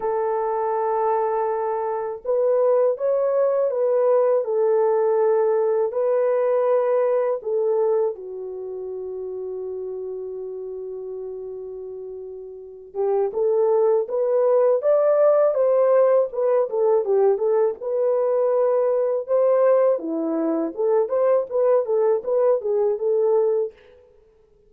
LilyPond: \new Staff \with { instrumentName = "horn" } { \time 4/4 \tempo 4 = 81 a'2. b'4 | cis''4 b'4 a'2 | b'2 a'4 fis'4~ | fis'1~ |
fis'4. g'8 a'4 b'4 | d''4 c''4 b'8 a'8 g'8 a'8 | b'2 c''4 e'4 | a'8 c''8 b'8 a'8 b'8 gis'8 a'4 | }